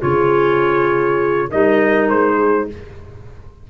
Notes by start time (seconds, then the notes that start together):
0.00 C#3 F4 G#4 C#5
1.49 G3 D#4 A#4 D#5
2.09 G#3 C5
2.36 G#4